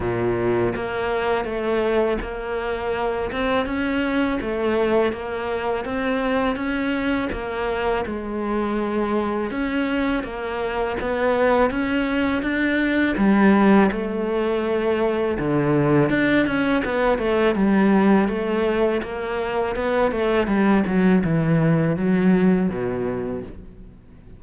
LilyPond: \new Staff \with { instrumentName = "cello" } { \time 4/4 \tempo 4 = 82 ais,4 ais4 a4 ais4~ | ais8 c'8 cis'4 a4 ais4 | c'4 cis'4 ais4 gis4~ | gis4 cis'4 ais4 b4 |
cis'4 d'4 g4 a4~ | a4 d4 d'8 cis'8 b8 a8 | g4 a4 ais4 b8 a8 | g8 fis8 e4 fis4 b,4 | }